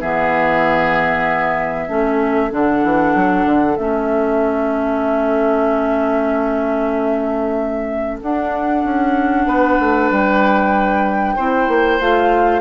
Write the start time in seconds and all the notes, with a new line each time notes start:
0.00 E3 B3 G#4 E5
1.88 A3 C#4 A4
2.50 D3 D4 F#5
2.84 E3
3.15 F#3
3.45 D3
3.77 A3 C#4 E5
8.22 D4 F#5
8.84 C#4
9.46 B3 B4
9.79 A3
10.10 G3 G5
11.36 C4 E4 C5
11.68 A#3
12.00 A3 F4 F5